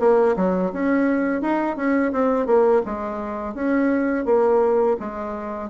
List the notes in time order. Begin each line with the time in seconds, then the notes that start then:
0.00 A#3
0.37 F#3
0.73 C#4
1.42 D#4
1.77 C#4
2.13 C4
2.47 A#3
2.86 G#3
3.55 C#4
4.26 A#3
5.00 G#3